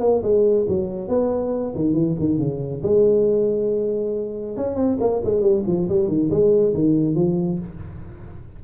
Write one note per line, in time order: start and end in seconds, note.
0.00 0.22 A#3
0.22 0.66 G#3
0.68 1.08 F#3
1.08 1.74 B3
1.75 1.93 D#3
1.93 2.15 E3
2.19 2.38 D#3
2.38 2.82 C#3
2.83 4.57 G#3
4.57 4.75 C#4
4.75 4.97 C4
5.00 5.22 A#3
5.24 5.41 G#3
5.41 5.63 G3
5.66 5.88 F3
5.89 6.08 G3
6.08 6.30 D#3
6.30 6.74 G#3
6.74 7.15 D#3
7.15 7.58 F3